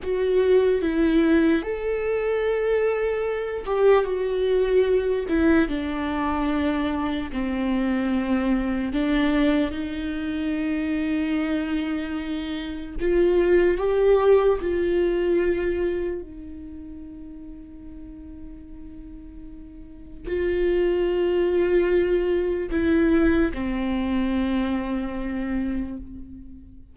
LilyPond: \new Staff \with { instrumentName = "viola" } { \time 4/4 \tempo 4 = 74 fis'4 e'4 a'2~ | a'8 g'8 fis'4. e'8 d'4~ | d'4 c'2 d'4 | dis'1 |
f'4 g'4 f'2 | dis'1~ | dis'4 f'2. | e'4 c'2. | }